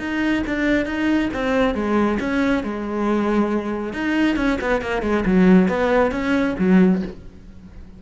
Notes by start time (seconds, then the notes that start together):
0.00 D#4
0.47 D4
0.86 D#4
1.34 C4
1.75 G#3
2.20 C#4
2.64 G#3
3.94 D#4
4.37 C#4
4.61 B3
4.82 A#3
5.03 G#3
5.26 F#3
5.69 B3
6.12 C#4
6.59 F#3